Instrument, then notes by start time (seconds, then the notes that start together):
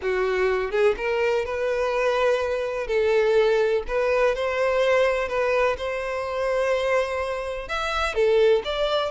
violin
0.02 F#4
0.71 G#4
0.97 A#4
1.45 B4
2.87 A4
3.87 B4
4.35 C5
5.28 B4
5.77 C5
7.68 E5
8.14 A4
8.64 D5